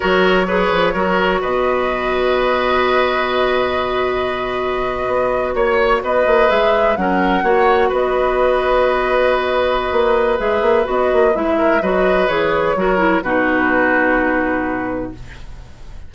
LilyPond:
<<
  \new Staff \with { instrumentName = "flute" } { \time 4/4 \tempo 4 = 127 cis''2. dis''4~ | dis''1~ | dis''2.~ dis''8. cis''16~ | cis''8. dis''4 e''4 fis''4~ fis''16~ |
fis''8. dis''2.~ dis''16~ | dis''2 e''4 dis''4 | e''4 dis''4 cis''2 | b'1 | }
  \new Staff \with { instrumentName = "oboe" } { \time 4/4 ais'4 b'4 ais'4 b'4~ | b'1~ | b'2.~ b'8. cis''16~ | cis''8. b'2 ais'4 cis''16~ |
cis''8. b'2.~ b'16~ | b'1~ | b'8 ais'8 b'2 ais'4 | fis'1 | }
  \new Staff \with { instrumentName = "clarinet" } { \time 4/4 fis'4 gis'4 fis'2~ | fis'1~ | fis'1~ | fis'4.~ fis'16 gis'4 cis'4 fis'16~ |
fis'1~ | fis'2 gis'4 fis'4 | e'4 fis'4 gis'4 fis'8 e'8 | dis'1 | }
  \new Staff \with { instrumentName = "bassoon" } { \time 4/4 fis4. f8 fis4 b,4~ | b,1~ | b,2~ b,8. b4 ais16~ | ais8. b8 ais8 gis4 fis4 ais16~ |
ais8. b2.~ b16~ | b4 ais4 gis8 ais8 b8 ais8 | gis4 fis4 e4 fis4 | b,1 | }
>>